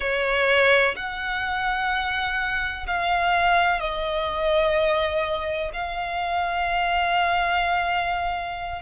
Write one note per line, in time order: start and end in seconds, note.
0.00 0.95 C#5
0.95 2.86 F#5
2.86 3.80 F5
3.80 5.70 D#5
5.73 8.82 F5